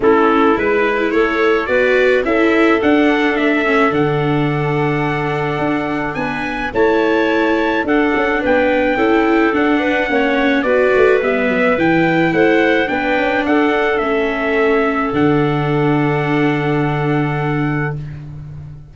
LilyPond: <<
  \new Staff \with { instrumentName = "trumpet" } { \time 4/4 \tempo 4 = 107 a'4 b'4 cis''4 d''4 | e''4 fis''4 e''4 fis''4~ | fis''2. gis''4 | a''2 fis''4 g''4~ |
g''4 fis''2 d''4 | e''4 g''4 fis''4 g''4 | fis''4 e''2 fis''4~ | fis''1 | }
  \new Staff \with { instrumentName = "clarinet" } { \time 4/4 e'2 a'4 b'4 | a'1~ | a'2. b'4 | cis''2 a'4 b'4 |
a'4. b'8 cis''4 b'4~ | b'2 c''4 b'4 | a'1~ | a'1 | }
  \new Staff \with { instrumentName = "viola" } { \time 4/4 cis'4 e'2 fis'4 | e'4 d'4. cis'8 d'4~ | d'1 | e'2 d'2 |
e'4 d'4 cis'4 fis'4 | b4 e'2 d'4~ | d'4 cis'2 d'4~ | d'1 | }
  \new Staff \with { instrumentName = "tuba" } { \time 4/4 a4 gis4 a4 b4 | cis'4 d'4 a4 d4~ | d2 d'4 b4 | a2 d'8 cis'8 b4 |
cis'4 d'4 ais4 b8 a8 | g8 fis8 e4 a4 b8 cis'8 | d'4 a2 d4~ | d1 | }
>>